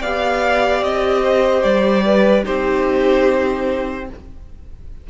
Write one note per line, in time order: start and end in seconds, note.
0.00 0.82 B3
0.00 2.43 G4
0.00 1.22 D5
0.00 0.83 F5
0.82 1.63 C4
0.82 1.62 D#5
1.23 2.04 C5
1.62 2.45 G3
1.62 2.43 D5
2.05 2.44 B4
2.43 4.09 C4
2.43 4.05 D#4
2.43 4.07 G4
2.43 4.07 C5